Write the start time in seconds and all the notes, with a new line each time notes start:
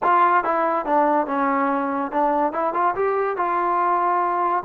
0.02 F4
0.44 E4
0.85 D4
1.27 C#4
2.11 D4
2.52 E4
2.73 F4
2.95 G4
3.36 F4